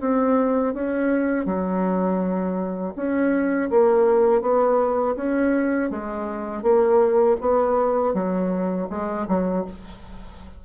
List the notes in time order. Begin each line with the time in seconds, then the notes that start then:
0.00 C4
0.74 C#4
1.45 F#3
2.96 C#4
3.70 A#3
4.41 B3
5.16 C#4
5.90 G#3
6.62 A#3
7.41 B3
8.13 F#3
8.90 G#3
9.28 F#3